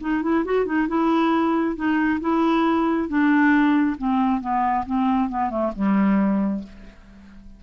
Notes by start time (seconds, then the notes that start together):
0.00 D#4
0.22 E4
0.45 F#4
0.65 D#4
0.88 E4
1.75 D#4
2.20 E4
3.08 D4
3.97 C4
4.40 B3
4.86 C4
5.29 B3
5.50 A3
5.75 G3